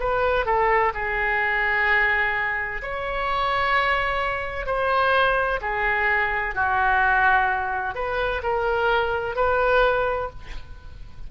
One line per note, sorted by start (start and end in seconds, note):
0.00 0.46 B4
0.46 0.93 A4
0.95 2.82 G#4
2.83 4.67 C#5
4.67 5.60 C5
5.62 6.55 G#4
6.55 7.95 F#4
7.95 8.42 B4
8.43 9.36 A#4
9.36 10.30 B4